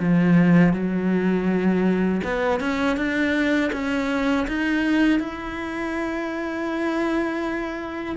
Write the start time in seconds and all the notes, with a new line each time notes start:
0.00 F3
0.73 F#3
2.24 B3
2.60 C#4
2.97 D4
3.73 C#4
4.48 D#4
5.20 E4